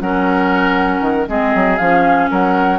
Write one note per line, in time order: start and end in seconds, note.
0.00 1.01 F#3
0.00 1.28 C#4
0.00 1.29 A#4
0.00 1.27 F#5
1.01 1.26 D#3
1.28 1.54 G#3
1.28 1.79 C4
1.28 2.31 G#4
1.28 1.78 D#5
1.54 1.80 F#3
1.78 2.31 F3
1.78 2.79 C#4
1.78 2.29 F5
2.31 2.79 F#3
2.31 2.79 A#4
2.31 2.79 F#5